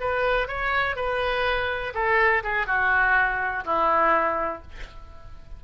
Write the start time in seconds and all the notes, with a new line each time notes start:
0.00 B4
0.48 C#5
0.95 B4
1.94 A4
2.43 G#4
2.67 F#4
3.65 E4